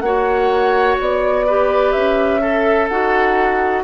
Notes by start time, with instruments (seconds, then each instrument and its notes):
0.00 bassoon A#3, clarinet F#4, oboe C#5, flute F#5
1.00 bassoon B3, flute D5
1.46 clarinet G4, oboe B4
1.92 bassoon C#4, flute E5
2.40 clarinet A4, oboe A4
2.88 bassoon D#4, clarinet F#4, flute F#5